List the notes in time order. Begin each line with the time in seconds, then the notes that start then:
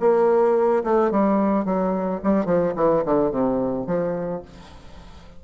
0.00 A#3
0.84 A3
1.11 G3
1.65 F#3
2.23 G3
2.45 F3
2.76 E3
3.05 D3
3.31 C3
3.87 F3